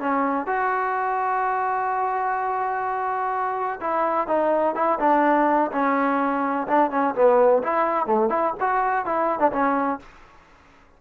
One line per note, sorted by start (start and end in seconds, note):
0.00 0.47 C#4
0.47 3.80 F#4
3.81 4.28 E4
4.28 4.75 D#4
4.75 4.99 E4
5.00 5.71 D4
5.72 6.67 C#4
6.67 6.91 D4
6.91 7.15 C#4
7.15 7.63 B3
7.63 8.06 E4
8.06 8.30 A3
8.30 8.53 E4
8.60 9.05 F#4
9.05 9.40 E4
9.40 9.52 D4
9.52 10.00 C#4